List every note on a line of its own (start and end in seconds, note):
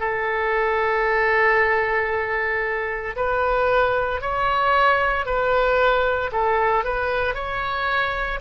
0.00 3.16 A4
3.16 4.22 B4
4.22 5.26 C#5
5.26 6.31 B4
6.32 6.85 A4
6.85 7.34 B4
7.34 8.40 C#5